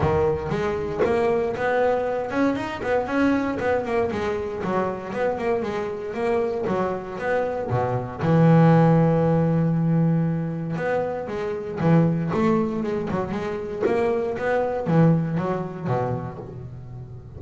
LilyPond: \new Staff \with { instrumentName = "double bass" } { \time 4/4 \tempo 4 = 117 dis4 gis4 ais4 b4~ | b8 cis'8 dis'8 b8 cis'4 b8 ais8 | gis4 fis4 b8 ais8 gis4 | ais4 fis4 b4 b,4 |
e1~ | e4 b4 gis4 e4 | a4 gis8 fis8 gis4 ais4 | b4 e4 fis4 b,4 | }